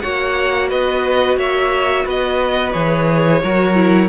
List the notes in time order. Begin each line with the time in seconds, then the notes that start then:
0.00 A#3 F#4 C#5 F#5
0.69 B3 B4 D#5
1.37 A#3 C#5 E5
2.04 B3 B4 D#5
2.72 E3 G#4 C#5
3.43 F#3 F#4 A#4
3.75 E4